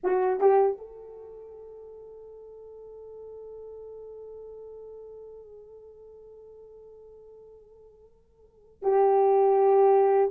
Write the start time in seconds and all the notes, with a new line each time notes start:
0.03 F#4
0.40 G4
0.77 A4
8.82 G4